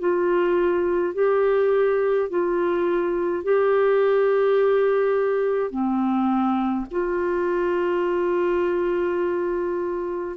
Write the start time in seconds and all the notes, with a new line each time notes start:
0.00 F4
1.14 G4
2.30 F4
3.44 G4
5.71 C4
6.91 F4